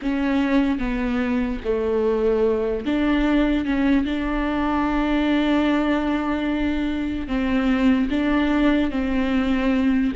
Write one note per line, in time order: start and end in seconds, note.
0.01 0.79 C#4
0.79 1.60 B3
1.64 2.85 A3
2.85 3.65 D4
3.65 4.05 C#4
4.05 7.27 D4
7.27 8.08 C4
8.10 8.90 D4
8.90 10.12 C4